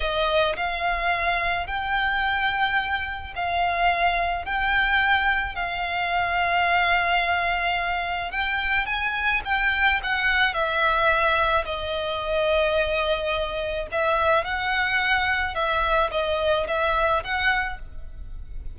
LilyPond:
\new Staff \with { instrumentName = "violin" } { \time 4/4 \tempo 4 = 108 dis''4 f''2 g''4~ | g''2 f''2 | g''2 f''2~ | f''2. g''4 |
gis''4 g''4 fis''4 e''4~ | e''4 dis''2.~ | dis''4 e''4 fis''2 | e''4 dis''4 e''4 fis''4 | }